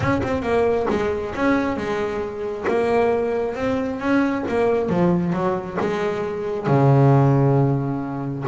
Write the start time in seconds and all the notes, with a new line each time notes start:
0.00 C#4
0.22 C4
0.42 A#3
0.89 G#3
1.35 C#4
1.77 G#3
2.67 A#3
3.55 C4
4.00 C#4
4.48 A#3
4.89 F3
5.33 F#3
5.80 G#3
6.66 C#3